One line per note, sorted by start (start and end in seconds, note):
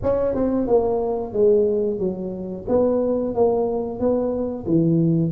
0.02 0.35 C#4
0.35 0.67 C4
0.67 1.32 A#3
1.32 1.98 G#3
1.98 2.65 F#3
2.68 3.35 B3
3.35 3.99 A#3
3.99 4.66 B3
4.66 5.32 E3